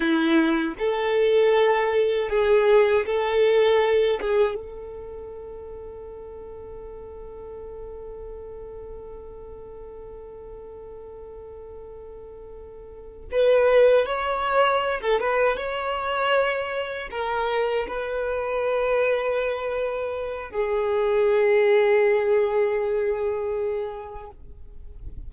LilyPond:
\new Staff \with { instrumentName = "violin" } { \time 4/4 \tempo 4 = 79 e'4 a'2 gis'4 | a'4. gis'8 a'2~ | a'1~ | a'1~ |
a'4. b'4 cis''4~ cis''16 a'16 | b'8 cis''2 ais'4 b'8~ | b'2. gis'4~ | gis'1 | }